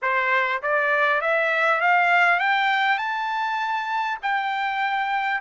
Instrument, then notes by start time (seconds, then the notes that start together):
trumpet
0.01 C5
0.62 D5
1.21 E5
1.80 F5
2.39 G5
2.98 A5
4.22 G5